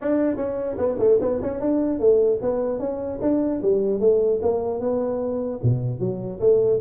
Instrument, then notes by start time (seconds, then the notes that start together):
tuba
0.01 D4
0.36 C#4
0.78 B3
0.98 A3
1.21 B3
1.41 C#4
1.60 D4
1.99 A3
2.41 B3
2.79 C#4
3.21 D4
3.62 G3
3.99 A3
4.42 A#3
4.80 B3
5.62 B2
5.99 F#3
6.40 A3